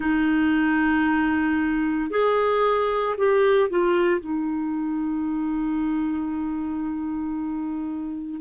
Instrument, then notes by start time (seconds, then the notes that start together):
clarinet
0.00 D#4
2.10 G#4
3.17 G4
3.69 F4
4.20 D#4